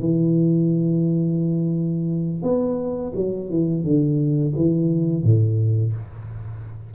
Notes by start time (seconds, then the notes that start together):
0.00 E3
2.43 B3
3.16 F#3
3.50 E3
3.84 D3
4.56 E3
5.24 A2